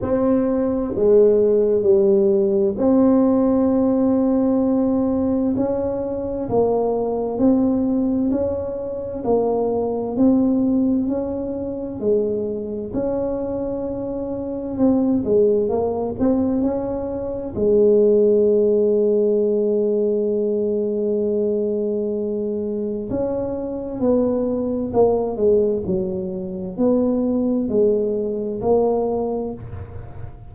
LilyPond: \new Staff \with { instrumentName = "tuba" } { \time 4/4 \tempo 4 = 65 c'4 gis4 g4 c'4~ | c'2 cis'4 ais4 | c'4 cis'4 ais4 c'4 | cis'4 gis4 cis'2 |
c'8 gis8 ais8 c'8 cis'4 gis4~ | gis1~ | gis4 cis'4 b4 ais8 gis8 | fis4 b4 gis4 ais4 | }